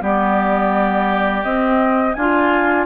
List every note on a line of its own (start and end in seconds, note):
0.00 1.44 G3
0.00 1.43 B3
0.00 2.16 G4
0.00 1.43 D5
1.43 2.14 C4
1.43 2.15 C4
1.43 2.13 D#5
2.13 2.86 D4
2.13 2.86 F4
2.13 2.85 G#5
2.20 2.86 F4